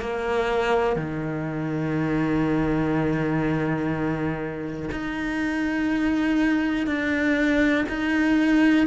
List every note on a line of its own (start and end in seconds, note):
0.00 0.96 A#3
0.96 4.89 D#3
4.91 6.86 D#4
6.86 7.85 D4
7.88 8.86 D#4